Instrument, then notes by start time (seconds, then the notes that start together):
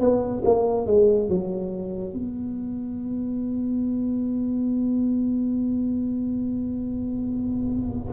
tuba
0.00 B3
0.45 A#3
0.86 G#3
1.29 F#3
2.13 B3